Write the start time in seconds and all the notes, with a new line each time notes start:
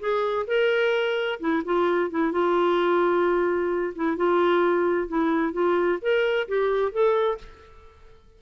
0.00 G#4
0.47 A#4
1.40 E4
1.65 F4
2.11 E4
2.32 F4
3.95 E4
4.17 F4
5.08 E4
5.53 F4
6.02 A#4
6.48 G4
6.92 A4